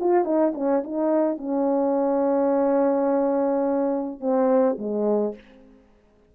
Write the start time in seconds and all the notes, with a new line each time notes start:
0.00 F4
0.25 D#4
0.55 C#4
0.84 D#4
1.38 C#4
4.20 C4
4.78 G#3